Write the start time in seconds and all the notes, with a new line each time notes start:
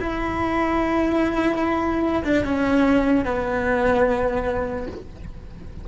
0.00 E4
2.24 D4
2.45 C#4
3.25 B3